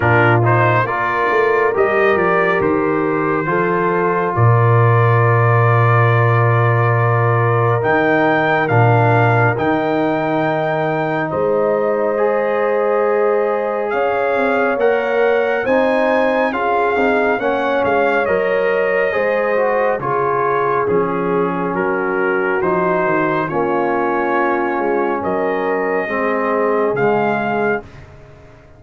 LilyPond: <<
  \new Staff \with { instrumentName = "trumpet" } { \time 4/4 \tempo 4 = 69 ais'8 c''8 d''4 dis''8 d''8 c''4~ | c''4 d''2.~ | d''4 g''4 f''4 g''4~ | g''4 dis''2. |
f''4 fis''4 gis''4 f''4 | fis''8 f''8 dis''2 cis''4 | gis'4 ais'4 c''4 cis''4~ | cis''4 dis''2 f''4 | }
  \new Staff \with { instrumentName = "horn" } { \time 4/4 f'4 ais'2. | a'4 ais'2.~ | ais'1~ | ais'4 c''2. |
cis''2 c''4 gis'4 | cis''2 c''4 gis'4~ | gis'4 fis'2 f'4~ | f'4 ais'4 gis'2 | }
  \new Staff \with { instrumentName = "trombone" } { \time 4/4 d'8 dis'8 f'4 g'2 | f'1~ | f'4 dis'4 d'4 dis'4~ | dis'2 gis'2~ |
gis'4 ais'4 dis'4 f'8 dis'8 | cis'4 ais'4 gis'8 fis'8 f'4 | cis'2 dis'4 cis'4~ | cis'2 c'4 gis4 | }
  \new Staff \with { instrumentName = "tuba" } { \time 4/4 ais,4 ais8 a8 g8 f8 dis4 | f4 ais,2.~ | ais,4 dis4 ais,4 dis4~ | dis4 gis2. |
cis'8 c'8 ais4 c'4 cis'8 c'8 | ais8 gis8 fis4 gis4 cis4 | f4 fis4 f8 dis8 ais4~ | ais8 gis8 fis4 gis4 cis4 | }
>>